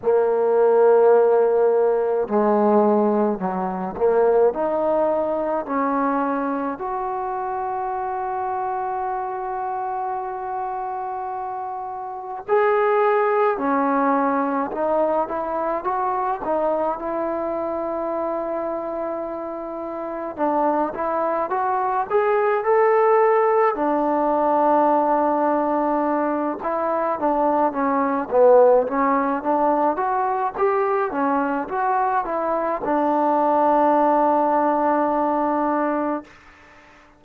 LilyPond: \new Staff \with { instrumentName = "trombone" } { \time 4/4 \tempo 4 = 53 ais2 gis4 fis8 ais8 | dis'4 cis'4 fis'2~ | fis'2. gis'4 | cis'4 dis'8 e'8 fis'8 dis'8 e'4~ |
e'2 d'8 e'8 fis'8 gis'8 | a'4 d'2~ d'8 e'8 | d'8 cis'8 b8 cis'8 d'8 fis'8 g'8 cis'8 | fis'8 e'8 d'2. | }